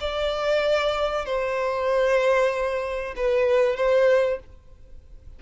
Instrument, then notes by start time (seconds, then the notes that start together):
violin
0.00 D5
1.25 C5
3.16 B4
3.76 C5